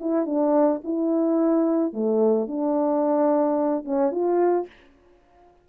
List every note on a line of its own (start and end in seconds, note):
0.00 0.26 E4
0.26 0.81 D4
0.84 1.93 E4
1.93 2.47 A3
2.47 3.84 D4
3.84 4.11 C#4
4.11 4.66 F4